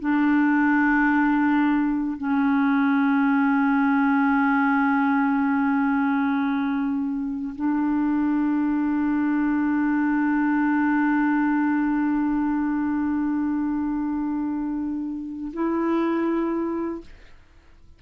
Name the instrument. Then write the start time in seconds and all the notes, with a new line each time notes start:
clarinet
0.00 D4
2.18 C#4
7.56 D4
15.53 E4